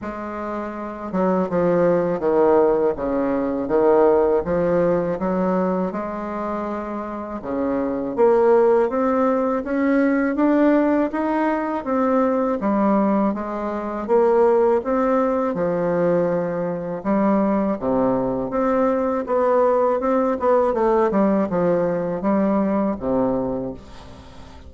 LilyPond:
\new Staff \with { instrumentName = "bassoon" } { \time 4/4 \tempo 4 = 81 gis4. fis8 f4 dis4 | cis4 dis4 f4 fis4 | gis2 cis4 ais4 | c'4 cis'4 d'4 dis'4 |
c'4 g4 gis4 ais4 | c'4 f2 g4 | c4 c'4 b4 c'8 b8 | a8 g8 f4 g4 c4 | }